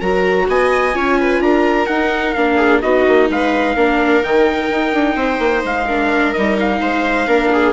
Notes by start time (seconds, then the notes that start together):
0.00 F#3 F#4 A#4 A#5
0.47 B3 D#5 G#5
0.93 C#4 F4 C#5
1.19 B4
1.40 D4 A#4 A#5
1.86 D#4 F#5
2.32 A#3 D4 F5
2.56 G#4
2.81 B3 D#4 F#4 D#5
3.07 A#3
3.29 G#3 B4 F5
3.75 A#3 D4 A#4
4.23 D#3 D#4 G5
4.70 D#4
4.93 D4
5.15 C4 C5
5.39 A#3
5.64 G#3 F5
5.87 D4 A#4
6.33 G3 D#4 D#5
6.60 F5
6.80 G#3 C5
7.26 A#3 D4 A#4
7.52 G#4